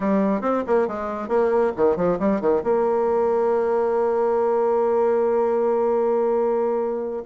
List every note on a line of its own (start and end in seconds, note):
0.00 0.41 G3
0.41 0.63 C4
0.66 0.87 A#3
0.87 1.28 G#3
1.28 1.72 A#3
1.76 1.96 D#3
1.96 2.18 F3
2.19 2.40 G3
2.40 2.62 D#3
2.63 7.23 A#3